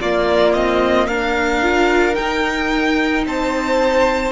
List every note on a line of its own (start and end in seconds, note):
0.00 0.55 A#3
0.00 1.62 A#3
0.00 1.07 F4
0.00 0.53 D5
0.53 1.08 C4
0.53 1.07 D#5
1.07 2.17 D4
1.07 3.26 A#4
1.07 2.15 F5
1.62 2.14 F4
2.14 4.32 D#4
2.14 3.25 D#4
2.14 3.24 G5
3.25 4.32 C4
3.25 4.32 C5
3.25 4.32 A5